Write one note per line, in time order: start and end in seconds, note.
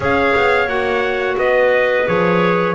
0.00 0.33 C#4
0.00 0.67 G#4
0.00 1.37 C#5
0.00 0.69 F5
0.36 0.67 B3
0.67 1.35 A#3
0.67 2.05 F#4
0.67 1.37 F#5
1.37 2.06 B3
1.37 2.75 B4
1.37 2.07 D#5
2.06 2.75 F3
2.06 2.75 G#4
2.06 2.75 C#5